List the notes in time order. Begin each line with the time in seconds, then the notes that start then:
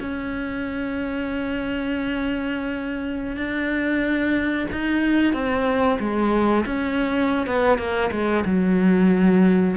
0.00 C#4
3.37 D4
4.72 D#4
5.33 C4
6.00 G#3
6.66 C#4
7.46 B3
7.78 A#3
8.12 G#3
8.45 F#3